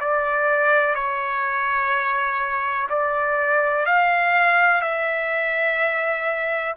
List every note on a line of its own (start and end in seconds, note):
0.00 0.95 D5
0.95 2.88 C#5
2.89 3.86 D5
3.86 4.81 F5
4.81 6.75 E5